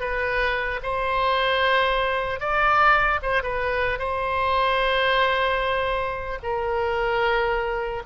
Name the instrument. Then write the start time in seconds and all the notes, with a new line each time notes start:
oboe
0.00 B4
0.83 C5
2.40 D5
3.22 C5
3.43 B4
3.99 C5
6.43 A#4